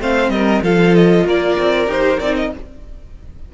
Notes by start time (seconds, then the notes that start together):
0.00 A3 C4 C5 F5
0.29 G3 A#4 D#5
0.62 F3 F4 A4 F5
0.95 D#5
1.25 A#3 A#4 D5
1.59 C4
1.87 D#4 G4 C5
2.20 C4 D#4 D5
2.37 D#5